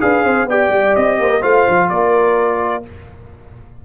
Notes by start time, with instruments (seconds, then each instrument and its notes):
0.00 tuba D4, trombone G#4, horn B4, trumpet F5
0.25 tuba C4, horn C5
0.46 tuba B3, trombone G4, horn D5, trumpet G5
0.69 tuba G3
0.96 tuba C4, trumpet D#5
1.19 tuba A#3, horn C5
1.30 horn A#4
1.42 tuba A3, trombone F4, horn C5, trumpet F5
1.69 tuba F3
1.90 tuba A#3, horn A#4, trumpet D5